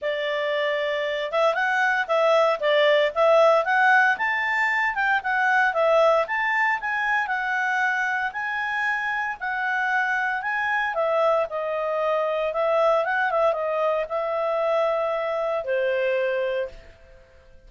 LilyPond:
\new Staff \with { instrumentName = "clarinet" } { \time 4/4 \tempo 4 = 115 d''2~ d''8 e''8 fis''4 | e''4 d''4 e''4 fis''4 | a''4. g''8 fis''4 e''4 | a''4 gis''4 fis''2 |
gis''2 fis''2 | gis''4 e''4 dis''2 | e''4 fis''8 e''8 dis''4 e''4~ | e''2 c''2 | }